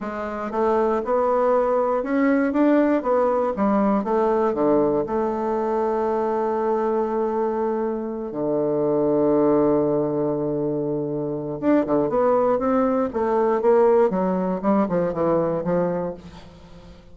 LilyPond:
\new Staff \with { instrumentName = "bassoon" } { \time 4/4 \tempo 4 = 119 gis4 a4 b2 | cis'4 d'4 b4 g4 | a4 d4 a2~ | a1~ |
a8 d2.~ d8~ | d2. d'8 d8 | b4 c'4 a4 ais4 | fis4 g8 f8 e4 f4 | }